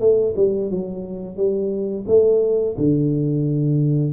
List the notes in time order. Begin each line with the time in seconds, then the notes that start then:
0.00 A3
0.36 G3
0.71 F#3
1.37 G3
2.08 A3
2.77 D3